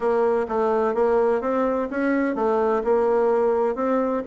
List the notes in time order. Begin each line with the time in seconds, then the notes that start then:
0.00 A#3
0.48 A3
0.94 A#3
1.41 C4
1.90 C#4
2.35 A3
2.84 A#3
3.75 C4